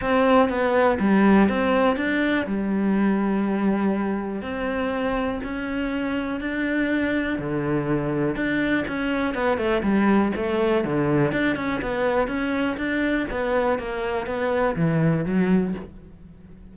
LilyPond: \new Staff \with { instrumentName = "cello" } { \time 4/4 \tempo 4 = 122 c'4 b4 g4 c'4 | d'4 g2.~ | g4 c'2 cis'4~ | cis'4 d'2 d4~ |
d4 d'4 cis'4 b8 a8 | g4 a4 d4 d'8 cis'8 | b4 cis'4 d'4 b4 | ais4 b4 e4 fis4 | }